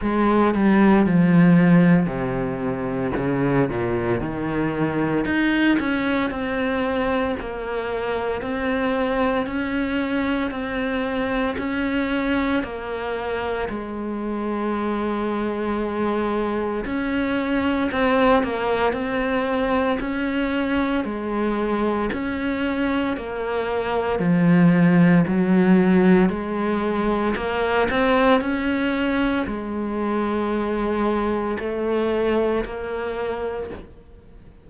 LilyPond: \new Staff \with { instrumentName = "cello" } { \time 4/4 \tempo 4 = 57 gis8 g8 f4 c4 cis8 ais,8 | dis4 dis'8 cis'8 c'4 ais4 | c'4 cis'4 c'4 cis'4 | ais4 gis2. |
cis'4 c'8 ais8 c'4 cis'4 | gis4 cis'4 ais4 f4 | fis4 gis4 ais8 c'8 cis'4 | gis2 a4 ais4 | }